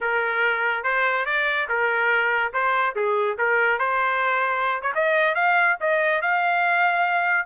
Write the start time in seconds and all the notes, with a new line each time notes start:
0.01 A#4
0.83 C5
1.25 D5
1.68 A#4
2.53 C5
2.95 G#4
3.38 A#4
3.78 C5
4.82 C#5
4.95 D#5
5.34 F5
5.80 D#5
6.21 F5